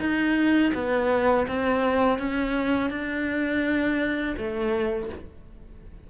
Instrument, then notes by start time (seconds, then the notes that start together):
cello
0.00 D#4
0.74 B3
1.48 C4
2.19 C#4
2.90 D4
4.37 A3